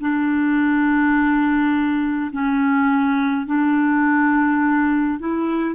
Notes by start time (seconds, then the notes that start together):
0.00 D4
2.32 C#4
3.46 D4
5.19 E4